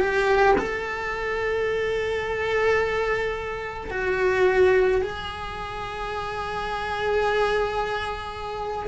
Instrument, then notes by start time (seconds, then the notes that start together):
cello
0.00 G4
0.58 A4
3.90 F#4
5.02 G#4